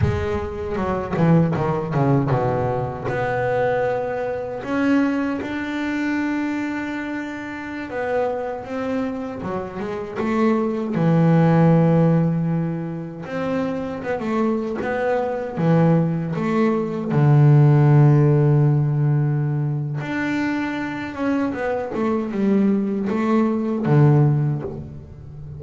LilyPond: \new Staff \with { instrumentName = "double bass" } { \time 4/4 \tempo 4 = 78 gis4 fis8 e8 dis8 cis8 b,4 | b2 cis'4 d'4~ | d'2~ d'16 b4 c'8.~ | c'16 fis8 gis8 a4 e4.~ e16~ |
e4~ e16 c'4 b16 a8. b8.~ | b16 e4 a4 d4.~ d16~ | d2 d'4. cis'8 | b8 a8 g4 a4 d4 | }